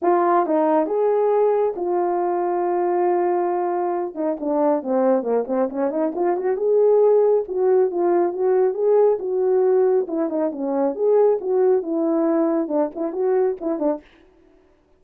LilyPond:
\new Staff \with { instrumentName = "horn" } { \time 4/4 \tempo 4 = 137 f'4 dis'4 gis'2 | f'1~ | f'4. dis'8 d'4 c'4 | ais8 c'8 cis'8 dis'8 f'8 fis'8 gis'4~ |
gis'4 fis'4 f'4 fis'4 | gis'4 fis'2 e'8 dis'8 | cis'4 gis'4 fis'4 e'4~ | e'4 d'8 e'8 fis'4 e'8 d'8 | }